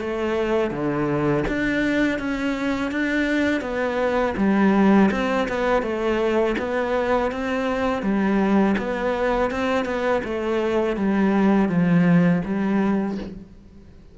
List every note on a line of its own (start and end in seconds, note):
0.00 0.71 A3
0.71 1.44 D3
1.48 2.19 D4
2.19 2.91 C#4
2.91 3.62 D4
3.62 4.35 B3
4.37 5.10 G3
5.12 5.48 C4
5.49 5.83 B3
5.83 6.56 A3
6.59 7.32 B3
7.32 8.03 C4
8.03 8.76 G3
8.78 9.51 B3
9.51 9.85 C4
9.85 10.22 B3
10.24 10.97 A3
10.97 11.69 G3
11.69 12.42 F3
12.45 13.18 G3